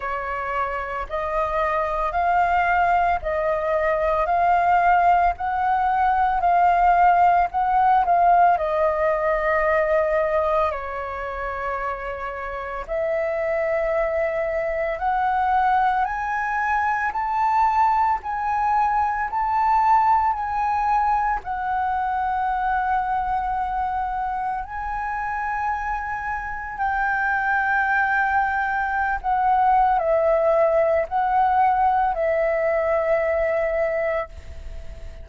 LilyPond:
\new Staff \with { instrumentName = "flute" } { \time 4/4 \tempo 4 = 56 cis''4 dis''4 f''4 dis''4 | f''4 fis''4 f''4 fis''8 f''8 | dis''2 cis''2 | e''2 fis''4 gis''4 |
a''4 gis''4 a''4 gis''4 | fis''2. gis''4~ | gis''4 g''2~ g''16 fis''8. | e''4 fis''4 e''2 | }